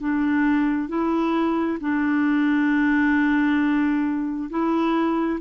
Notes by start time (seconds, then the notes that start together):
0.00 D4
0.89 E4
1.81 D4
4.50 E4